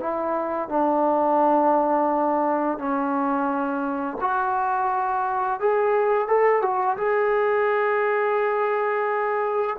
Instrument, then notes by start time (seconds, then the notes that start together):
trombone
0.00 E4
0.69 D4
2.78 C#4
4.21 F#4
5.60 G#4
6.28 A4
6.62 F#4
6.97 G#4